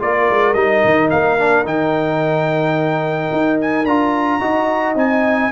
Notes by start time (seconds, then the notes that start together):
0.00 A#3 F4 A#4 D5
0.30 G#3
0.54 G3 D#4 D#5
0.85 D#3
1.10 A#3 F5
1.39 D4
1.65 D#3 D#4 G5
3.32 D#4
3.61 G#5
3.85 D4 F4 A#5
4.41 D#4 F#4 D#5
4.96 C4 D#4 G#5